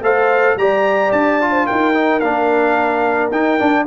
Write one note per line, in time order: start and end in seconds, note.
0.00 0.55 A3
0.00 0.58 A4
0.00 0.58 C5
0.00 0.58 F5
0.55 1.10 G3
0.55 1.41 G4
0.55 1.50 D5
0.55 1.12 A#5
1.12 1.67 D4
1.12 1.66 A5
1.41 1.93 F4
1.50 1.64 C5
1.65 2.22 D#4
1.65 3.86 A#4
1.65 2.20 G5
1.93 2.21 D#4
2.20 3.31 A#3
2.20 3.31 D4
2.20 3.30 F5
3.31 3.58 D#4
3.31 3.59 D#4
3.31 3.86 G5
3.59 3.86 D4
3.59 3.87 D4